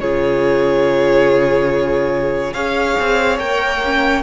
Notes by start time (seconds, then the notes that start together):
0.00 C#3 F4 G#4 C#5
2.53 C#4 G#4 C#5 F5
2.99 C4
3.39 A#3 A#4 G5
3.84 C#4